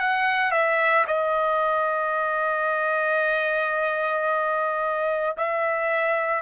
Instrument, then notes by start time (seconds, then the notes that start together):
trumpet
0.00 F#5
0.51 E5
1.08 D#5
5.37 E5